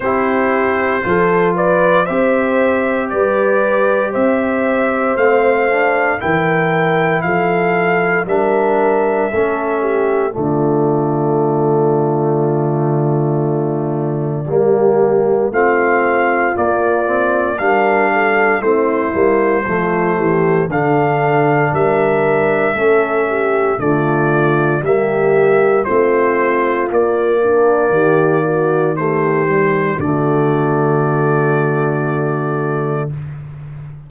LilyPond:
<<
  \new Staff \with { instrumentName = "trumpet" } { \time 4/4 \tempo 4 = 58 c''4. d''8 e''4 d''4 | e''4 f''4 g''4 f''4 | e''2 d''2~ | d''2. f''4 |
d''4 f''4 c''2 | f''4 e''2 d''4 | e''4 c''4 d''2 | c''4 d''2. | }
  \new Staff \with { instrumentName = "horn" } { \time 4/4 g'4 a'8 b'8 c''4 b'4 | c''2 ais'4 a'4 | ais'4 a'8 g'8 f'2~ | f'2 g'4 f'4~ |
f'4 ais'8 a'8 e'4 f'8 g'8 | a'4 ais'4 a'8 g'8 f'4 | g'4 f'4. d'8 g'8 fis'8 | g'4 fis'2. | }
  \new Staff \with { instrumentName = "trombone" } { \time 4/4 e'4 f'4 g'2~ | g'4 c'8 d'8 e'2 | d'4 cis'4 a2~ | a2 ais4 c'4 |
ais8 c'8 d'4 c'8 ais8 a4 | d'2 cis'4 a4 | ais4 c'4 ais2 | a8 g8 a2. | }
  \new Staff \with { instrumentName = "tuba" } { \time 4/4 c'4 f4 c'4 g4 | c'4 a4 e4 f4 | g4 a4 d2~ | d2 g4 a4 |
ais4 g4 a8 g8 f8 e8 | d4 g4 a4 d4 | g4 a4 ais4 dis4~ | dis4 d2. | }
>>